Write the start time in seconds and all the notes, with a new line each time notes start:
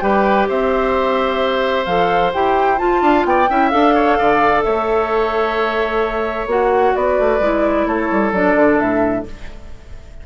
0.00 G3 G4 B4 G5
0.48 C4 C5 E5
1.85 F3 A4 F5
2.33 E4 G4 G5
2.77 F4 A5
3.01 D4 F5
3.25 B3 D5 G5
3.49 C#4 E4 E5
3.69 D4 A4 F5
3.94 C#5
4.18 D3 D5
4.62 A3 C#5 E5
6.46 A#3 F#4 F#5
6.95 B3 B4 D5
7.18 A3
7.39 G#3 E4
7.86 A3 A4 C#5
8.11 G3
8.32 F#3 D4 D5
8.55 D3
8.79 A2 E5